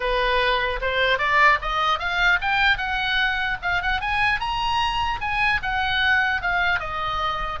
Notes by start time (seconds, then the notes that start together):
0.00 B4
0.81 C5
1.18 D5
1.61 D#5
1.99 F5
2.41 G5
2.77 F#5
3.62 F5
3.81 F#5
4.01 G#5
4.39 A#5
5.21 G#5
5.62 F#5
6.41 F5
6.79 D#5